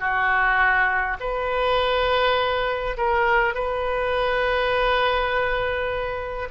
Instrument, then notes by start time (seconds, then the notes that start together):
oboe
0.00 F#4
1.20 B4
2.98 A#4
3.55 B4